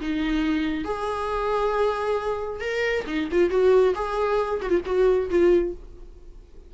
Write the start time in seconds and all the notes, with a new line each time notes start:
0.00 D#4
0.84 G#4
2.60 A#4
3.06 D#4
3.31 F4
3.50 F#4
3.94 G#4
4.61 F#4
4.69 F4
4.85 F#4
5.30 F4